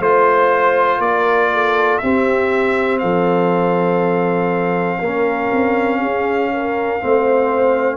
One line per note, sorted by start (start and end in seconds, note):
0.00 0.99 A3
0.00 2.03 F4
0.00 1.01 C5
0.00 1.02 C5
0.99 1.99 A#3
0.99 1.52 A#4
0.99 1.99 D5
1.53 2.03 A4
1.99 3.03 C4
1.99 5.03 C4
1.99 3.02 G4
1.99 2.99 E5
2.99 5.01 F3
2.99 4.99 A4
2.99 7.97 F5
4.99 5.51 A#3
4.99 7.01 C#4
4.99 5.99 A#4
5.53 6.02 C4
6.01 7.02 C#4
6.01 6.51 G#4
6.53 7.03 A#4
7.01 7.97 A3
7.01 7.97 C4
7.01 7.97 C5